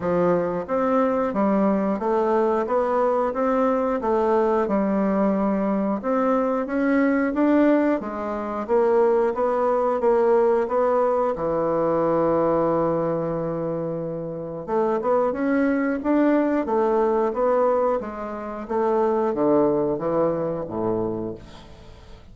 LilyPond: \new Staff \with { instrumentName = "bassoon" } { \time 4/4 \tempo 4 = 90 f4 c'4 g4 a4 | b4 c'4 a4 g4~ | g4 c'4 cis'4 d'4 | gis4 ais4 b4 ais4 |
b4 e2.~ | e2 a8 b8 cis'4 | d'4 a4 b4 gis4 | a4 d4 e4 a,4 | }